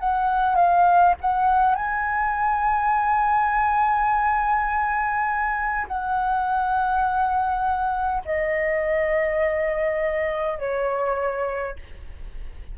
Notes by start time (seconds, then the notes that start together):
0.00 F#5
0.56 F5
1.21 F#5
1.75 G#5
5.88 F#5
8.26 D#5
10.59 C#5